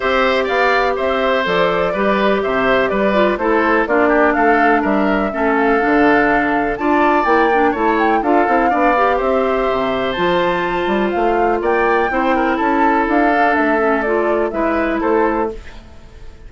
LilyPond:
<<
  \new Staff \with { instrumentName = "flute" } { \time 4/4 \tempo 4 = 124 e''4 f''4 e''4 d''4~ | d''4 e''4 d''4 c''4 | d''4 f''4 e''4. f''8~ | f''2 a''4 g''4 |
a''8 g''8 f''2 e''4~ | e''4 a''2 f''4 | g''2 a''4 f''4 | e''4 d''4 e''4 c''4 | }
  \new Staff \with { instrumentName = "oboe" } { \time 4/4 c''4 d''4 c''2 | b'4 c''4 b'4 a'4 | f'8 g'8 a'4 ais'4 a'4~ | a'2 d''2 |
cis''4 a'4 d''4 c''4~ | c''1 | d''4 c''8 ais'8 a'2~ | a'2 b'4 a'4 | }
  \new Staff \with { instrumentName = "clarinet" } { \time 4/4 g'2. a'4 | g'2~ g'8 f'8 e'4 | d'2. cis'4 | d'2 f'4 e'8 d'8 |
e'4 f'8 e'8 d'8 g'4.~ | g'4 f'2.~ | f'4 e'2~ e'8 d'8~ | d'8 cis'8 f'4 e'2 | }
  \new Staff \with { instrumentName = "bassoon" } { \time 4/4 c'4 b4 c'4 f4 | g4 c4 g4 a4 | ais4 a4 g4 a4 | d2 d'4 ais4 |
a4 d'8 c'8 b4 c'4 | c4 f4. g8 a4 | ais4 c'4 cis'4 d'4 | a2 gis4 a4 | }
>>